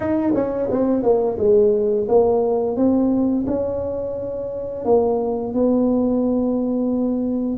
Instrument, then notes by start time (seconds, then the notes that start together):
tuba
0.00 D#4
0.34 C#4
0.71 C4
1.02 A#3
1.38 G#3
2.08 A#3
2.76 C4
3.46 C#4
4.84 A#3
5.53 B3